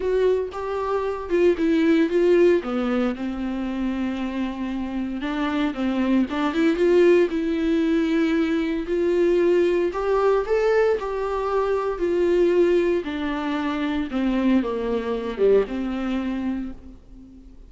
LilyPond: \new Staff \with { instrumentName = "viola" } { \time 4/4 \tempo 4 = 115 fis'4 g'4. f'8 e'4 | f'4 b4 c'2~ | c'2 d'4 c'4 | d'8 e'8 f'4 e'2~ |
e'4 f'2 g'4 | a'4 g'2 f'4~ | f'4 d'2 c'4 | ais4. g8 c'2 | }